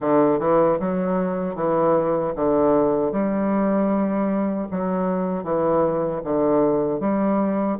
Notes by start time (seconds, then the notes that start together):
0.00 D3
0.39 E3
0.79 F#3
1.55 E3
2.35 D3
3.12 G3
4.71 F#3
5.43 E3
6.23 D3
7.00 G3